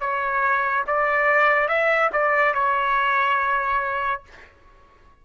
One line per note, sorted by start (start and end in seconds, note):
0.00 0.85 C#5
0.87 1.68 D5
1.68 2.10 E5
2.13 2.54 D5
2.54 4.23 C#5